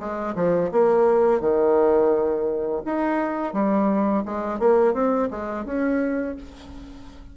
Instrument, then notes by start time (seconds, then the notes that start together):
bassoon
0.00 G#3
0.36 F3
0.72 A#3
1.41 D#3
2.86 D#4
3.53 G3
4.26 G#3
4.60 A#3
4.94 C4
5.31 G#3
5.65 C#4